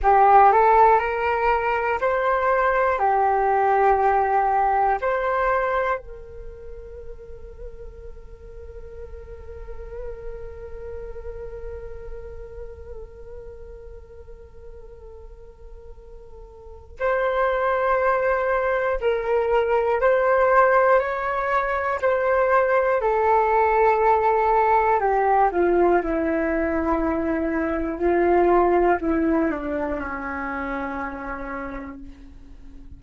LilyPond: \new Staff \with { instrumentName = "flute" } { \time 4/4 \tempo 4 = 60 g'8 a'8 ais'4 c''4 g'4~ | g'4 c''4 ais'2~ | ais'1~ | ais'1~ |
ais'4 c''2 ais'4 | c''4 cis''4 c''4 a'4~ | a'4 g'8 f'8 e'2 | f'4 e'8 d'8 cis'2 | }